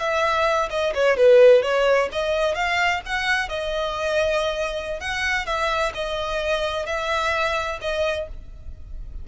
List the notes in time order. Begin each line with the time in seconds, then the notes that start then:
0.00 E5
0.71 D#5
0.95 C#5
1.17 B4
1.63 C#5
2.12 D#5
2.55 F5
3.06 F#5
3.49 D#5
5.01 F#5
5.46 E5
5.95 D#5
6.86 E5
7.82 D#5